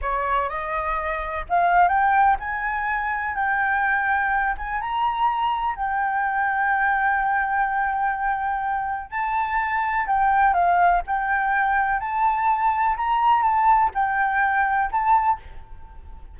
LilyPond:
\new Staff \with { instrumentName = "flute" } { \time 4/4 \tempo 4 = 125 cis''4 dis''2 f''4 | g''4 gis''2 g''4~ | g''4. gis''8 ais''2 | g''1~ |
g''2. a''4~ | a''4 g''4 f''4 g''4~ | g''4 a''2 ais''4 | a''4 g''2 a''4 | }